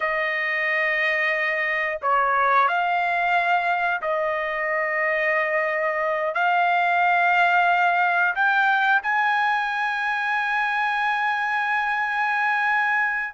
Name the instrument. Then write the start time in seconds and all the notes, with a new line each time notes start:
trumpet
0.00 D#5
2.02 C#5
2.68 F5
4.02 D#5
6.34 F5
8.35 G5
9.02 G#5